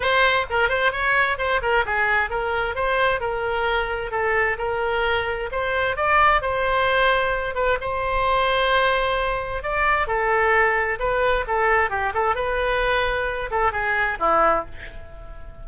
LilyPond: \new Staff \with { instrumentName = "oboe" } { \time 4/4 \tempo 4 = 131 c''4 ais'8 c''8 cis''4 c''8 ais'8 | gis'4 ais'4 c''4 ais'4~ | ais'4 a'4 ais'2 | c''4 d''4 c''2~ |
c''8 b'8 c''2.~ | c''4 d''4 a'2 | b'4 a'4 g'8 a'8 b'4~ | b'4. a'8 gis'4 e'4 | }